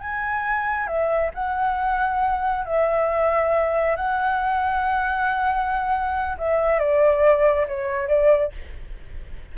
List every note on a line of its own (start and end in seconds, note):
0.00 0.87 G#5
0.87 1.31 E5
1.34 2.65 F#5
2.65 3.96 E5
3.96 6.37 F#5
6.37 6.79 E5
6.79 7.66 D5
7.67 8.08 C#5
8.08 8.52 D5